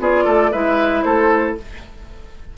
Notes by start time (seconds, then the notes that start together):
0.00 B3 F4 G#4 D5
0.25 A3 A4
0.52 G#3 E4 B4 E5
1.03 A3 A4 C5